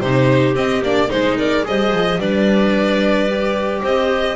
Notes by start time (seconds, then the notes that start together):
0.00 C3 D#4 G4 C5
0.54 C4 D#5
0.82 A#3 D4 D5
1.08 G#3 D#4 G#4 C5
1.38 A#4 D5
1.64 G3 G#4 C5 D#5
1.93 F3
2.18 G3 D4 B4 D5
3.29 G4
3.82 C4 C5 D#5